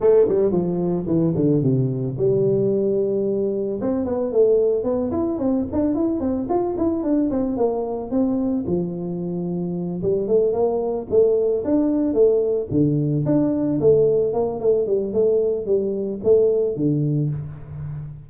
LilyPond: \new Staff \with { instrumentName = "tuba" } { \time 4/4 \tempo 4 = 111 a8 g8 f4 e8 d8 c4 | g2. c'8 b8 | a4 b8 e'8 c'8 d'8 e'8 c'8 | f'8 e'8 d'8 c'8 ais4 c'4 |
f2~ f8 g8 a8 ais8~ | ais8 a4 d'4 a4 d8~ | d8 d'4 a4 ais8 a8 g8 | a4 g4 a4 d4 | }